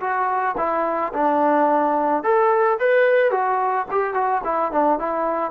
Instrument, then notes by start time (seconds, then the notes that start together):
trombone
0.00 F#4
0.57 E4
1.13 D4
2.23 A4
2.79 B4
3.31 F#4
3.91 G4
4.14 F#4
4.44 E4
4.72 D4
4.99 E4